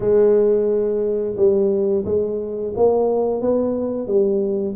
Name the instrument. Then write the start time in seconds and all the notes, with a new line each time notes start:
tuba
0.00 G#3
1.36 G3
2.05 G#3
2.76 A#3
3.41 B3
4.07 G3